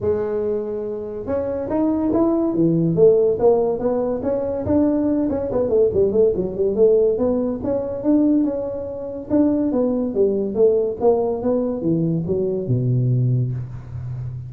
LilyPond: \new Staff \with { instrumentName = "tuba" } { \time 4/4 \tempo 4 = 142 gis2. cis'4 | dis'4 e'4 e4 a4 | ais4 b4 cis'4 d'4~ | d'8 cis'8 b8 a8 g8 a8 fis8 g8 |
a4 b4 cis'4 d'4 | cis'2 d'4 b4 | g4 a4 ais4 b4 | e4 fis4 b,2 | }